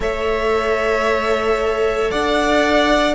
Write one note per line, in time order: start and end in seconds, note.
0.00 2.10 A3
0.00 3.14 A4
0.00 2.10 C#5
0.00 2.11 E5
2.10 3.14 D4
2.10 3.14 D5
2.10 3.14 F#5